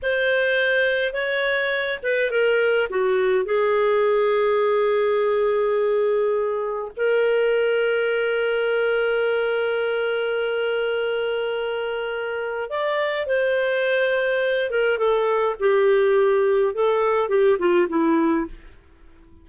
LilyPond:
\new Staff \with { instrumentName = "clarinet" } { \time 4/4 \tempo 4 = 104 c''2 cis''4. b'8 | ais'4 fis'4 gis'2~ | gis'1 | ais'1~ |
ais'1~ | ais'2 d''4 c''4~ | c''4. ais'8 a'4 g'4~ | g'4 a'4 g'8 f'8 e'4 | }